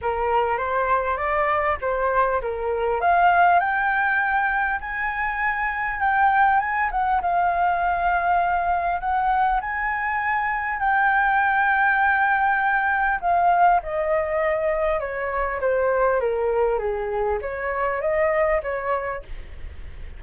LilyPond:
\new Staff \with { instrumentName = "flute" } { \time 4/4 \tempo 4 = 100 ais'4 c''4 d''4 c''4 | ais'4 f''4 g''2 | gis''2 g''4 gis''8 fis''8 | f''2. fis''4 |
gis''2 g''2~ | g''2 f''4 dis''4~ | dis''4 cis''4 c''4 ais'4 | gis'4 cis''4 dis''4 cis''4 | }